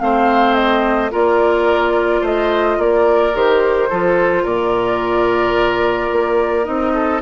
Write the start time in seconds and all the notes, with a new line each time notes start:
0.00 A3 C4 C5 F5
0.55 D#5
1.11 A#3 F4 A#4 D5
2.22 A3 C5 D#5
2.78 A#3 A#4 D5
3.34 D#3 G4 C5
3.90 F3 F4 A4
4.43 A#2 A#4 D5
6.12 A#3
6.64 C4 D#4 D#5
6.94 A4